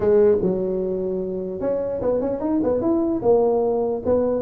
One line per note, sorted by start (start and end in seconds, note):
0.00 0.37 G#3
0.41 1.60 F#3
1.60 2.00 C#4
2.01 2.20 B3
2.20 2.40 C#4
2.40 2.60 D#4
2.63 2.81 B3
2.81 3.21 E4
3.22 4.02 A#3
4.05 4.42 B3